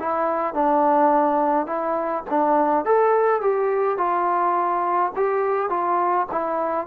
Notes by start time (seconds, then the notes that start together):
0.00 E4
0.54 D4
1.67 E4
2.30 D4
2.86 A4
3.42 G4
3.98 F4
5.16 G4
5.70 F4
6.32 E4